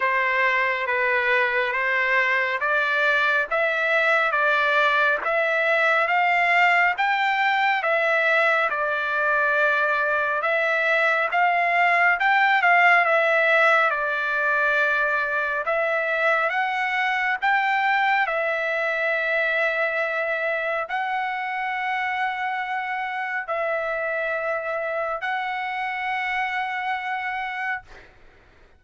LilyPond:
\new Staff \with { instrumentName = "trumpet" } { \time 4/4 \tempo 4 = 69 c''4 b'4 c''4 d''4 | e''4 d''4 e''4 f''4 | g''4 e''4 d''2 | e''4 f''4 g''8 f''8 e''4 |
d''2 e''4 fis''4 | g''4 e''2. | fis''2. e''4~ | e''4 fis''2. | }